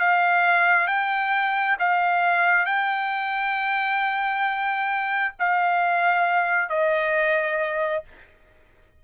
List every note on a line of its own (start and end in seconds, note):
0.00 0.88 F5
0.88 1.77 G5
1.80 2.66 F5
2.66 5.34 G5
5.39 6.70 F5
6.70 8.04 D#5